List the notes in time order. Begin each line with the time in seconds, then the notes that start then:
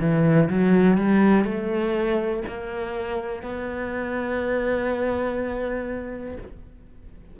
0.00 E3
0.50 F#3
0.97 G3
1.44 A3
2.48 A#3
3.42 B3